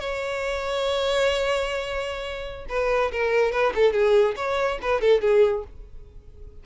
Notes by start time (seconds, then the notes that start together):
0.00 C#5
2.69 B4
3.12 A#4
3.52 B4
3.75 A4
3.93 G#4
4.37 C#5
4.82 B4
5.01 A4
5.21 G#4